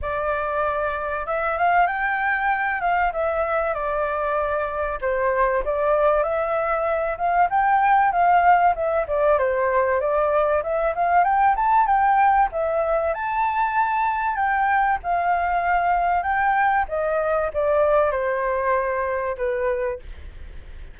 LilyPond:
\new Staff \with { instrumentName = "flute" } { \time 4/4 \tempo 4 = 96 d''2 e''8 f''8 g''4~ | g''8 f''8 e''4 d''2 | c''4 d''4 e''4. f''8 | g''4 f''4 e''8 d''8 c''4 |
d''4 e''8 f''8 g''8 a''8 g''4 | e''4 a''2 g''4 | f''2 g''4 dis''4 | d''4 c''2 b'4 | }